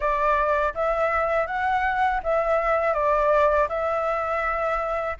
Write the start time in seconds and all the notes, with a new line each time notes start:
0.00 D5
0.74 E5
1.46 F#5
2.23 E5
2.93 D5
3.68 E5